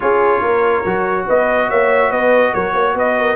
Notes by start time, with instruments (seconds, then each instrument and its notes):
0.00 tuba C#4, trombone F4, horn G#4, trumpet C#5
0.40 tuba A#3, horn A#4
0.85 tuba F#3, trombone F#4
1.27 tuba B3, horn B4, trumpet D#5
1.68 tuba A#3, horn C#5, trumpet E5
2.09 tuba B3, horn B4, trumpet D#5
2.53 tuba F#3, horn A#4, trumpet C#5
2.73 tuba A#3, horn C#5
2.94 tuba B3, horn B4, trumpet D#5
3.19 horn A#4